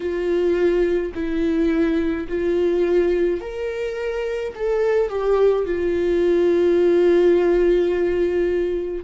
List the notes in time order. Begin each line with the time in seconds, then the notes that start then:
0.00 F4
1.14 E4
2.28 F4
3.40 A#4
4.55 A4
5.09 G4
5.66 F4